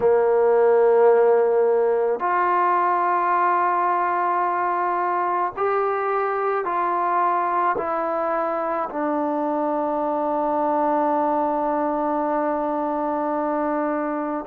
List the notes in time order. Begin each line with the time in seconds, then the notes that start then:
0.00 A#3
2.19 F4
5.56 G4
6.64 F4
7.77 E4
8.89 D4